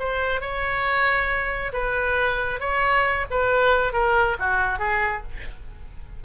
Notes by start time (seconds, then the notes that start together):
0.00 C5
0.41 C#5
1.73 B4
2.60 C#5
3.31 B4
3.93 A#4
4.40 F#4
4.79 G#4